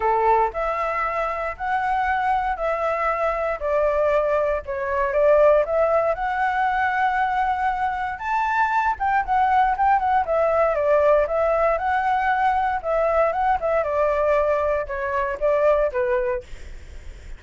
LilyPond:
\new Staff \with { instrumentName = "flute" } { \time 4/4 \tempo 4 = 117 a'4 e''2 fis''4~ | fis''4 e''2 d''4~ | d''4 cis''4 d''4 e''4 | fis''1 |
a''4. g''8 fis''4 g''8 fis''8 | e''4 d''4 e''4 fis''4~ | fis''4 e''4 fis''8 e''8 d''4~ | d''4 cis''4 d''4 b'4 | }